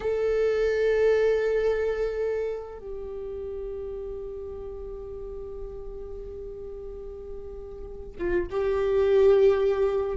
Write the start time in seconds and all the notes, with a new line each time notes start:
0.00 A4
2.78 G4
8.18 F4
8.50 G4